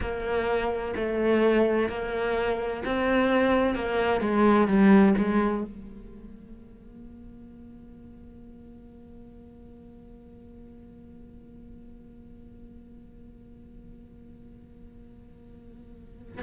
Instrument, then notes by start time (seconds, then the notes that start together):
cello
0.00 A#3
0.95 A3
1.89 A#3
2.85 C4
3.75 A#3
4.20 G#3
4.67 G3
5.18 G#3
5.63 A#3